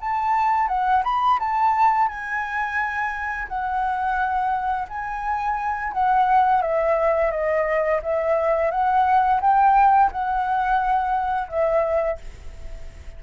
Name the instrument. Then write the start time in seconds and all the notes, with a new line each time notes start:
flute
0.00 A5
0.68 F#5
1.04 B5
1.39 A5
2.08 G#5
3.48 F#5
4.88 G#5
5.92 F#5
6.62 E5
7.31 D#5
8.02 E5
8.71 F#5
9.41 G5
10.12 F#5
11.48 E5